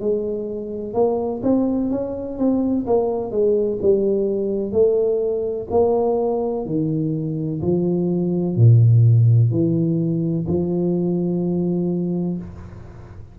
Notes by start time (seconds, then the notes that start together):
0.00 G#3
0.94 A#3
1.43 C4
1.90 C#4
2.39 C4
2.87 A#3
3.31 G#3
3.82 G3
4.72 A3
5.71 A#3
6.66 D#3
7.61 F3
8.56 A#2
9.51 E3
10.47 F3